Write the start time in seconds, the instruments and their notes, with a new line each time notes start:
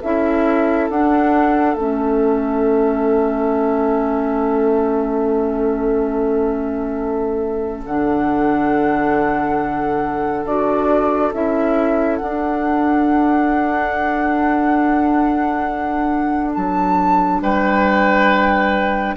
0.00 bassoon C#4, clarinet E4, oboe A4, flute E5
0.90 bassoon D4, clarinet D4, flute F#5
1.75 bassoon A3, clarinet C#4, flute E5
7.86 bassoon D3, clarinet D4, flute F#5
10.45 bassoon D4, clarinet F#4, flute D5
11.34 bassoon C#4, clarinet E4, flute E5
12.17 bassoon D4, flute F#5
12.24 clarinet D4
16.54 bassoon F#3, flute A5
17.41 bassoon G3, oboe B4, flute G5